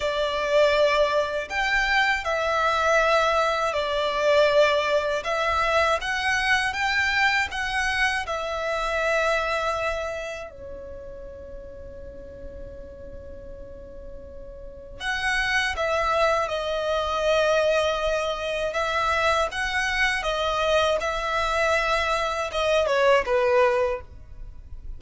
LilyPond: \new Staff \with { instrumentName = "violin" } { \time 4/4 \tempo 4 = 80 d''2 g''4 e''4~ | e''4 d''2 e''4 | fis''4 g''4 fis''4 e''4~ | e''2 cis''2~ |
cis''1 | fis''4 e''4 dis''2~ | dis''4 e''4 fis''4 dis''4 | e''2 dis''8 cis''8 b'4 | }